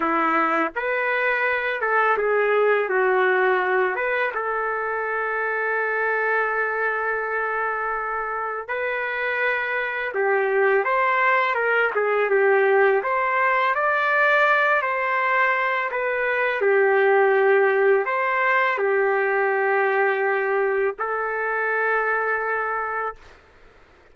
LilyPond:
\new Staff \with { instrumentName = "trumpet" } { \time 4/4 \tempo 4 = 83 e'4 b'4. a'8 gis'4 | fis'4. b'8 a'2~ | a'1 | b'2 g'4 c''4 |
ais'8 gis'8 g'4 c''4 d''4~ | d''8 c''4. b'4 g'4~ | g'4 c''4 g'2~ | g'4 a'2. | }